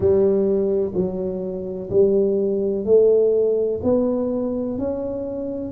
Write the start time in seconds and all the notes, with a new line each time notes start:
0.00 G3
0.94 F#3
1.90 G3
2.85 A3
3.83 B3
4.78 C#4